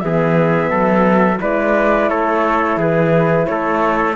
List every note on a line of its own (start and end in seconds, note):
0.00 0.70 E3
0.00 1.38 B3
0.00 0.70 G#4
0.00 1.38 E5
0.70 1.39 F#3
0.70 1.39 A4
1.38 2.10 G#3
1.38 4.14 E4
1.38 2.09 B4
1.38 2.09 D5
2.09 2.77 A3
2.09 2.78 A4
2.09 2.78 C#5
2.77 3.46 E3
2.77 3.47 G#4
2.77 3.46 B4
3.46 4.15 A3
3.46 4.15 A4
3.46 4.15 C#5